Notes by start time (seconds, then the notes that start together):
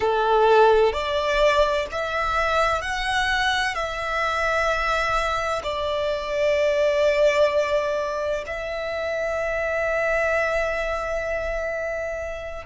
0.00 A4
0.92 D5
1.91 E5
2.81 F#5
3.75 E5
5.62 D5
8.46 E5